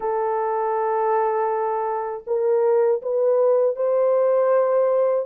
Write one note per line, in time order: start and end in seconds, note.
0.00 2.23 A4
2.26 3.01 A#4
3.02 3.75 B4
3.75 5.25 C5